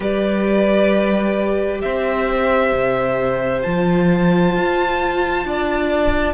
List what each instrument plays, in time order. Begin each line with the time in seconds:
0.00 cello G3, viola G4, violin B4 D5
1.81 cello C4, violin C5 E5
2.72 cello C3
3.62 cello F3, viola F4, violin A5
4.56 cello F4
5.44 cello D4, violin D5